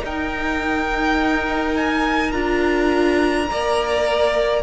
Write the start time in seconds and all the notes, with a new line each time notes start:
0.00 D#4 A#4 G5
1.77 G#5
2.31 D4 F4 A#5
3.50 A#3 A#4 D5